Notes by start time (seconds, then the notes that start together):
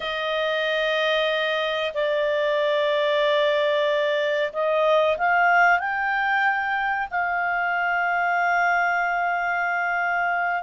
0.00 D#5
1.94 D5
4.52 D#5
5.17 F5
5.79 G5
7.10 F5